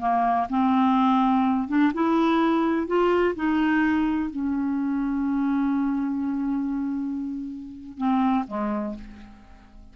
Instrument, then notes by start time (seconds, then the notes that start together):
clarinet
0.00 A#3
0.50 C4
1.68 D4
1.94 E4
2.87 F4
3.36 D#4
4.31 C#4
7.98 C4
8.48 G#3